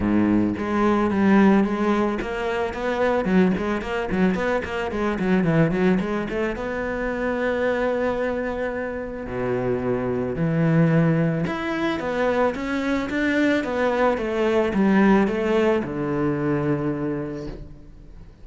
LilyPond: \new Staff \with { instrumentName = "cello" } { \time 4/4 \tempo 4 = 110 gis,4 gis4 g4 gis4 | ais4 b4 fis8 gis8 ais8 fis8 | b8 ais8 gis8 fis8 e8 fis8 gis8 a8 | b1~ |
b4 b,2 e4~ | e4 e'4 b4 cis'4 | d'4 b4 a4 g4 | a4 d2. | }